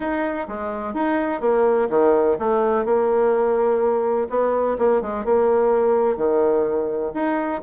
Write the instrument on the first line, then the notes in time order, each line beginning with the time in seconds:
bassoon
0.00 D#4
0.48 G#3
0.94 D#4
1.40 A#3
1.89 D#3
2.38 A3
2.85 A#3
4.29 B3
4.78 A#3
5.01 G#3
5.24 A#3
6.17 D#3
7.14 D#4